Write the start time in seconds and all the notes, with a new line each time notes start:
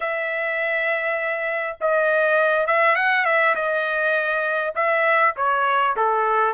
0.00 E5
1.81 D#5
2.66 E5
2.95 F#5
3.25 E5
3.55 D#5
4.75 E5
5.36 C#5
5.96 A4